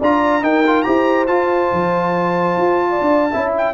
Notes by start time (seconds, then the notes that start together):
0.00 D4 F4 D5 A#5
0.42 D#4 A#4 G5
0.67 F4
0.83 E4 G4 C5 A#5
1.28 F4 A5
1.73 F3
2.58 F4
2.90 D5
3.01 D4
3.32 C#4 E4 E5
3.58 G5